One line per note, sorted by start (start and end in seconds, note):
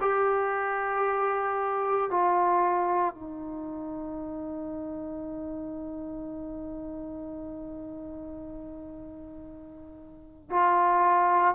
0.00 2.10 G4
2.10 3.14 F4
3.14 10.50 D#4
10.50 11.55 F4